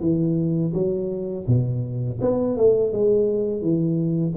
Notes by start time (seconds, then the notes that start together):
0.00 E3
0.73 F#3
1.47 B2
2.21 B3
2.57 A3
2.92 G#3
3.61 E3